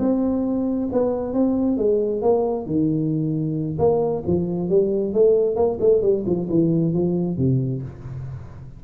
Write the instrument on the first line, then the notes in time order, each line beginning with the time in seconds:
tuba
0.00 C4
0.92 B3
1.34 C4
1.78 G#3
2.22 A#3
2.66 D#3
3.79 A#3
4.27 F3
4.69 G3
5.14 A3
5.56 A#3
5.81 A3
6.02 G3
6.26 F3
6.49 E3
6.94 F3
7.38 C3